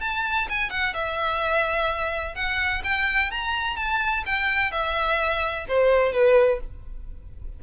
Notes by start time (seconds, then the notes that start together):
0.00 A5
0.49 G#5
0.70 F#5
0.93 E5
2.34 F#5
2.83 G5
3.31 A#5
3.76 A5
4.25 G5
4.71 E5
5.68 C5
6.12 B4